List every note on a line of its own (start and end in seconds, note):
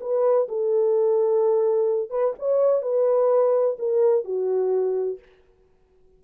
0.00 0.47 B4
0.48 2.10 A4
2.10 2.33 B4
2.39 2.82 C#5
2.82 3.76 B4
3.79 4.24 A#4
4.24 5.18 F#4